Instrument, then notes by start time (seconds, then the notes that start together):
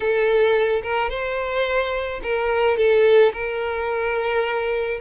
violin
0.00 A4
0.82 A#4
1.09 C5
2.22 A#4
2.77 A4
3.33 A#4